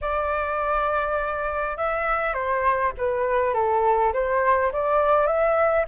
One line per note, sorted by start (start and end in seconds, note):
0.01 1.77 D5
1.77 2.33 E5
2.33 2.92 C5
2.97 3.54 B4
3.54 4.13 A4
4.13 4.71 C5
4.72 5.26 D5
5.26 5.85 E5